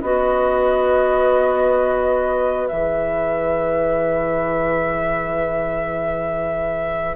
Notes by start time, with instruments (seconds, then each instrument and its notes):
0.00 bassoon B3, clarinet F#4, oboe B4, flute D#5
2.68 bassoon E3, clarinet G#4, flute E5